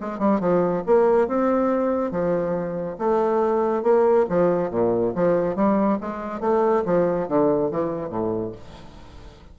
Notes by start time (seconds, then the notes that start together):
0.00 G#3
0.19 G3
0.40 F3
0.86 A#3
1.27 C4
2.11 F3
2.98 A3
3.82 A#3
4.29 F3
4.70 A#2
5.15 F3
5.55 G3
6.01 G#3
6.40 A3
6.85 F3
7.28 D3
7.71 E3
8.09 A2